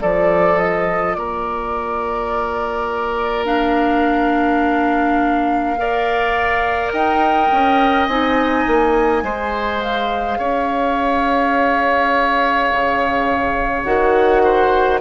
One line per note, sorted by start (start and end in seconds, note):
0.00 1.16 F3
0.00 3.45 F4
0.00 1.17 A4
0.00 0.58 D5
0.58 1.14 D#5
1.14 6.92 A#3
1.14 5.79 A#4
1.14 3.45 D5
3.45 5.76 D4
3.45 6.92 F5
5.78 8.09 A#4
5.78 6.93 D5
6.92 7.50 D#4
6.92 9.24 D#5
6.92 8.07 G5
7.52 8.08 C#4
8.07 8.65 C4
8.07 9.23 D#4
8.07 9.80 G#5
8.67 9.23 A#3
9.23 10.38 G#3
9.23 13.84 G#4
9.23 10.38 C5
9.80 13.83 F5
10.38 12.69 C#4
10.38 14.42 C#5
12.71 13.85 C#3
13.83 15.00 D#3
13.83 15.00 F#4
13.83 14.98 F#5
14.44 15.00 C5